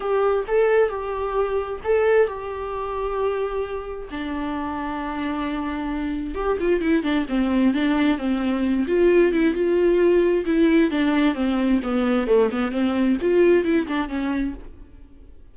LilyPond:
\new Staff \with { instrumentName = "viola" } { \time 4/4 \tempo 4 = 132 g'4 a'4 g'2 | a'4 g'2.~ | g'4 d'2.~ | d'2 g'8 f'8 e'8 d'8 |
c'4 d'4 c'4. f'8~ | f'8 e'8 f'2 e'4 | d'4 c'4 b4 a8 b8 | c'4 f'4 e'8 d'8 cis'4 | }